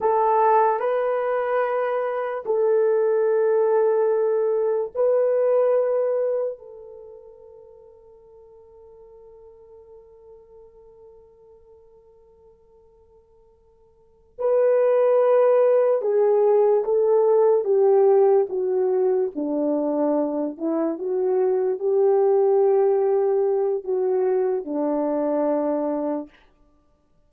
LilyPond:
\new Staff \with { instrumentName = "horn" } { \time 4/4 \tempo 4 = 73 a'4 b'2 a'4~ | a'2 b'2 | a'1~ | a'1~ |
a'4. b'2 gis'8~ | gis'8 a'4 g'4 fis'4 d'8~ | d'4 e'8 fis'4 g'4.~ | g'4 fis'4 d'2 | }